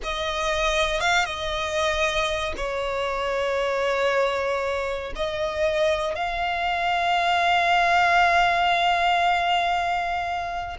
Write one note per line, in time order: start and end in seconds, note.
0.03 1.00 D#5
1.00 1.25 F5
1.25 2.53 D#5
2.56 5.13 C#5
5.15 6.15 D#5
6.15 10.76 F5